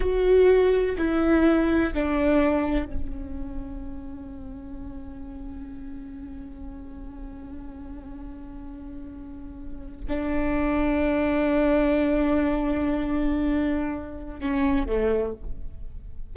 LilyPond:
\new Staff \with { instrumentName = "viola" } { \time 4/4 \tempo 4 = 125 fis'2 e'2 | d'2 cis'2~ | cis'1~ | cis'1~ |
cis'1~ | cis'4 d'2.~ | d'1~ | d'2 cis'4 a4 | }